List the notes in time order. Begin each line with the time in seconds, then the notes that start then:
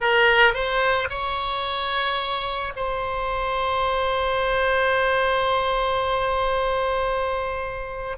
0.00 A#4
0.53 C5
1.09 C#5
2.75 C5